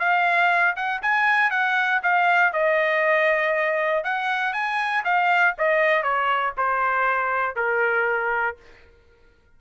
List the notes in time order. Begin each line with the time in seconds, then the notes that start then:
0.00 F5
0.77 F#5
1.02 G#5
1.51 F#5
2.03 F5
2.53 D#5
4.05 F#5
4.54 G#5
5.05 F5
5.58 D#5
6.03 C#5
6.58 C5
7.56 A#4